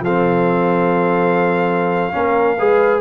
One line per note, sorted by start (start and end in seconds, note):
0.00 2.13 F3
0.00 2.12 C4
0.00 2.15 A4
0.00 3.01 F5
2.12 2.60 A#3
2.12 2.57 C#4
2.12 2.58 A#4
2.58 3.01 G#3
2.58 3.01 G#4
2.58 3.01 B4